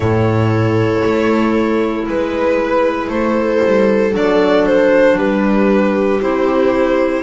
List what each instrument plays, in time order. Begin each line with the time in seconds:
0.00 double bass A2, clarinet E4, viola A4, violin C#5
1.04 double bass A3
2.08 double bass G#3, viola B4, violin B4
3.08 double bass A3, viola A4, violin C5
3.65 double bass G3
4.12 double bass F#3, clarinet D4, violin D5
4.66 violin C5
5.16 double bass G3, viola G4, violin B4
6.21 double bass C4, clarinet E4, violin C5